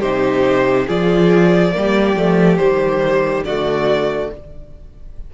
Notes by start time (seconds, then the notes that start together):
0.00 C3 D#4 G4 C5
0.87 F3 F4 G#4 D5
1.73 G3 A#3 G4
2.16 F3 A3
2.57 D#3 G3 C5
3.45 D3 A3 F#4 D5